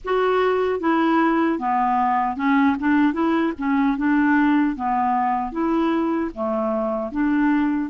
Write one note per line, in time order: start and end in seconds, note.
0.04 0.79 F#4
0.79 1.58 E4
1.58 2.36 B3
2.36 2.76 C#4
2.79 3.13 D4
3.13 3.52 E4
3.58 3.97 C#4
3.97 4.75 D4
4.75 5.52 B3
5.52 6.31 E4
6.34 7.11 A3
7.11 7.90 D4